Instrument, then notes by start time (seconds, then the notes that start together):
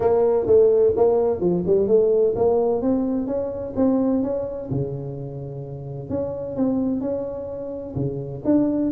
tuba
0.00 A#3
0.46 A3
0.96 A#3
1.40 F3
1.66 G3
1.87 A3
2.35 A#3
2.81 C4
3.26 C#4
3.76 C4
4.22 C#4
4.70 C#3
6.09 C#4
6.55 C4
7.01 C#4
7.95 C#3
8.44 D4